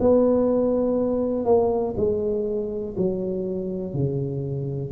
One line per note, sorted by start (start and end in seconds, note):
0.00 1.45 B3
1.45 1.94 A#3
1.97 2.95 G#3
2.97 3.94 F#3
3.94 4.92 C#3